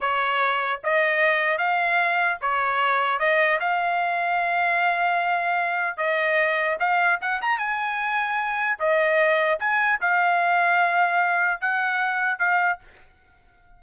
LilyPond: \new Staff \with { instrumentName = "trumpet" } { \time 4/4 \tempo 4 = 150 cis''2 dis''2 | f''2 cis''2 | dis''4 f''2.~ | f''2. dis''4~ |
dis''4 f''4 fis''8 ais''8 gis''4~ | gis''2 dis''2 | gis''4 f''2.~ | f''4 fis''2 f''4 | }